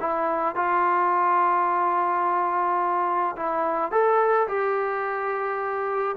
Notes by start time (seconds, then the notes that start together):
0.00 E4
0.55 F4
3.36 E4
3.91 A4
4.47 G4